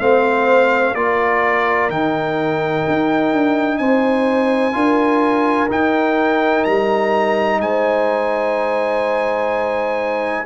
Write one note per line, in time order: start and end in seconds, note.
0.00 0.94 A3
0.00 0.95 C4
0.00 0.97 C5
0.00 0.95 F5
0.94 1.89 A#3
0.94 1.91 F4
0.94 3.80 A#4
0.94 1.90 D5
1.89 2.85 D#3
1.89 4.73 D#4
1.89 3.78 G5
2.88 3.33 D#4
3.33 3.80 D4
3.78 4.75 C4
3.78 4.75 C5
3.78 5.69 G#5
4.73 5.70 D4
4.73 5.68 F4
4.73 7.62 A#4
5.69 10.46 D#4
5.69 6.66 D#4
5.69 6.65 G5
6.65 7.60 G3
6.65 7.60 A#5
7.60 10.46 G#3
7.60 10.46 C5
7.60 10.46 G#5